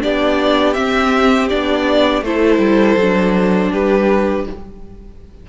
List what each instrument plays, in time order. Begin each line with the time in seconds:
0.00 cello B3, viola D4, violin G4 D5
0.73 viola C4, cello C4, violin E5
1.49 cello B3, viola D4, violin D5
2.22 cello A3, viola E4, violin A4 C5
2.58 cello G3
2.96 cello F#3, viola D4
3.71 cello G3, violin G4 B4